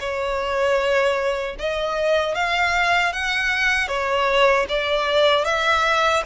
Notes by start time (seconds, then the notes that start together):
0.00 C#5
1.59 D#5
2.35 F5
3.13 F#5
3.88 C#5
4.69 D5
5.45 E5